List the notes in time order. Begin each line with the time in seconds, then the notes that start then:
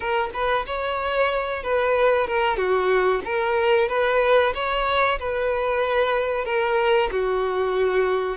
0.00 A#4
0.33 B4
0.66 C#5
1.63 B4
2.27 A#4
2.56 F#4
3.24 A#4
3.88 B4
4.54 C#5
5.19 B4
6.45 A#4
7.11 F#4